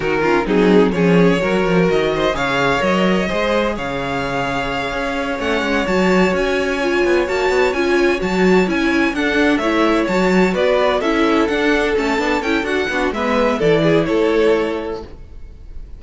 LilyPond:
<<
  \new Staff \with { instrumentName = "violin" } { \time 4/4 \tempo 4 = 128 ais'4 gis'4 cis''2 | dis''4 f''4 dis''2 | f''2.~ f''8 fis''8~ | fis''8 a''4 gis''2 a''8~ |
a''8 gis''4 a''4 gis''4 fis''8~ | fis''8 e''4 a''4 d''4 e''8~ | e''8 fis''4 a''4 g''8 fis''4 | e''4 d''4 cis''2 | }
  \new Staff \with { instrumentName = "violin" } { \time 4/4 fis'8 f'8 dis'4 gis'4 ais'4~ | ais'8 c''8 cis''2 c''4 | cis''1~ | cis''1~ |
cis''2.~ cis''8 a'8~ | a'8 cis''2 b'4 a'8~ | a'2.~ a'8 fis'8 | b'4 a'8 gis'8 a'2 | }
  \new Staff \with { instrumentName = "viola" } { \time 4/4 dis'8 cis'8 c'4 cis'4 fis'4~ | fis'4 gis'4 ais'4 gis'4~ | gis'2.~ gis'8 cis'8~ | cis'8 fis'2 f'4 fis'8~ |
fis'8 f'4 fis'4 e'4 d'8~ | d'8 e'4 fis'2 e'8~ | e'8 d'4 cis'8 d'8 e'8 fis'8 d'8 | b4 e'2. | }
  \new Staff \with { instrumentName = "cello" } { \time 4/4 dis4 fis4 f4 fis8 f8 | dis4 cis4 fis4 gis4 | cis2~ cis8 cis'4 a8 | gis8 fis4 cis'4. b8 ais8 |
b8 cis'4 fis4 cis'4 d'8~ | d'8 a4 fis4 b4 cis'8~ | cis'8 d'4 a8 b8 cis'8 d'8 b8 | gis4 e4 a2 | }
>>